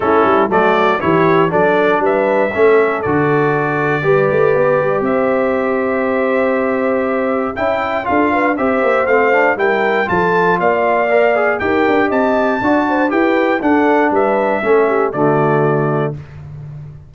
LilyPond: <<
  \new Staff \with { instrumentName = "trumpet" } { \time 4/4 \tempo 4 = 119 a'4 d''4 cis''4 d''4 | e''2 d''2~ | d''2 e''2~ | e''2. g''4 |
f''4 e''4 f''4 g''4 | a''4 f''2 g''4 | a''2 g''4 fis''4 | e''2 d''2 | }
  \new Staff \with { instrumentName = "horn" } { \time 4/4 e'4 fis'4 g'4 a'4 | b'4 a'2. | b'2 c''2~ | c''2. e''4 |
a'8 b'8 c''2 ais'4 | a'4 d''2 ais'4 | dis''4 d''8 c''8 b'4 a'4 | b'4 a'8 g'8 fis'2 | }
  \new Staff \with { instrumentName = "trombone" } { \time 4/4 cis'4 a4 e'4 d'4~ | d'4 cis'4 fis'2 | g'1~ | g'2. e'4 |
f'4 g'4 c'8 d'8 e'4 | f'2 ais'8 gis'8 g'4~ | g'4 fis'4 g'4 d'4~ | d'4 cis'4 a2 | }
  \new Staff \with { instrumentName = "tuba" } { \time 4/4 a8 g8 fis4 e4 fis4 | g4 a4 d2 | g8 a8 b8 g8 c'2~ | c'2. cis'4 |
d'4 c'8 ais8 a4 g4 | f4 ais2 dis'8 d'8 | c'4 d'4 e'4 d'4 | g4 a4 d2 | }
>>